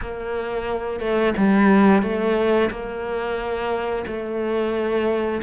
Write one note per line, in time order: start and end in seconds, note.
0.01 0.99 A#3
0.99 1.33 A3
1.37 2.02 G3
2.02 2.70 A3
2.70 4.04 A#3
4.06 5.41 A3